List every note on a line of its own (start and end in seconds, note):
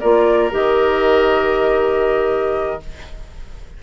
0.00 0.52 A#3
0.00 0.51 F4
0.00 2.81 A#4
0.00 0.51 D5
0.51 2.81 D#3
0.51 2.80 G4
0.51 2.83 D#5